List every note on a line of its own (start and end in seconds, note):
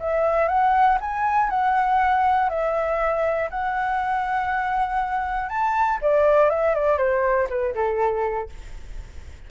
0.00 0.48 E5
0.48 0.98 F#5
1.01 1.50 G#5
1.50 2.50 F#5
2.50 3.50 E5
3.50 5.49 F#5
5.49 5.99 A5
6.02 6.50 D5
6.50 6.75 E5
6.75 6.98 D5
6.98 7.48 C5
7.50 7.75 B4
7.75 8.50 A4